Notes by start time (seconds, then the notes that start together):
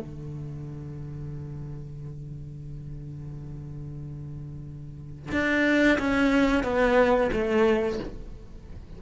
0.00 D3
5.32 D4
5.99 C#4
6.64 B3
7.32 A3